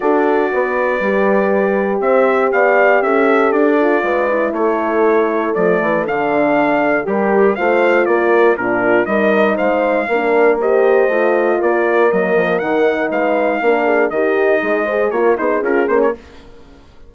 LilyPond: <<
  \new Staff \with { instrumentName = "trumpet" } { \time 4/4 \tempo 4 = 119 d''1 | e''4 f''4 e''4 d''4~ | d''4 cis''2 d''4 | f''2 g'4 f''4 |
d''4 ais'4 dis''4 f''4~ | f''4 dis''2 d''4 | dis''4 fis''4 f''2 | dis''2 cis''8 c''8 ais'8 c''16 cis''16 | }
  \new Staff \with { instrumentName = "horn" } { \time 4/4 a'4 b'2. | c''4 d''4 a'2 | b'4 a'2.~ | a'2 ais'4 c''4 |
ais'4 f'4 ais'4 c''4 | ais'4 c''2 ais'4~ | ais'2 b'4 ais'8 gis'8 | g'4 gis'8 c''8 ais'8 gis'4. | }
  \new Staff \with { instrumentName = "horn" } { \time 4/4 fis'2 g'2~ | g'2.~ g'8 f'8~ | f'8 e'2~ e'8 a4 | d'2 g'4 f'4~ |
f'4 d'4 dis'2 | d'4 g'4 f'2 | ais4 dis'2 d'4 | dis'4. gis'8 f'8 dis'8 f'8 cis'8 | }
  \new Staff \with { instrumentName = "bassoon" } { \time 4/4 d'4 b4 g2 | c'4 b4 cis'4 d'4 | gis4 a2 f8 e8 | d2 g4 a4 |
ais4 ais,4 g4 gis4 | ais2 a4 ais4 | fis8 f8 dis4 gis4 ais4 | dis4 gis4 ais8 b8 cis'8 ais8 | }
>>